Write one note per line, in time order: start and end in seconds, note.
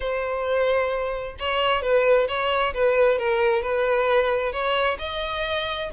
0.00 1.36 C5
1.39 1.82 C#5
1.82 2.27 B4
2.28 2.73 C#5
2.74 3.18 B4
3.18 3.62 A#4
3.62 4.52 B4
4.52 4.97 C#5
4.99 5.89 D#5